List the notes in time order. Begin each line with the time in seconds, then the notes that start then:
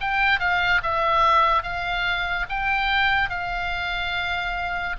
0.00 G5
0.39 F5
0.83 E5
1.62 F5
2.49 G5
3.29 F5